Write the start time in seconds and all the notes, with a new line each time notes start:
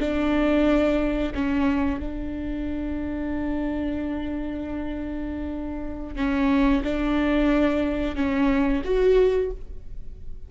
0.00 D4
1.35 C#4
2.00 D4
6.16 C#4
6.84 D4
8.16 C#4
8.85 F#4